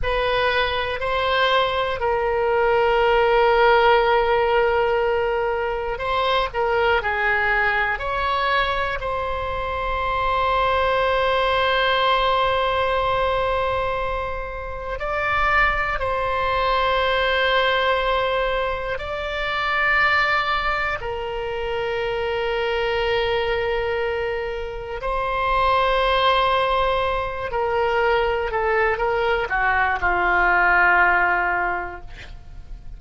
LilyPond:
\new Staff \with { instrumentName = "oboe" } { \time 4/4 \tempo 4 = 60 b'4 c''4 ais'2~ | ais'2 c''8 ais'8 gis'4 | cis''4 c''2.~ | c''2. d''4 |
c''2. d''4~ | d''4 ais'2.~ | ais'4 c''2~ c''8 ais'8~ | ais'8 a'8 ais'8 fis'8 f'2 | }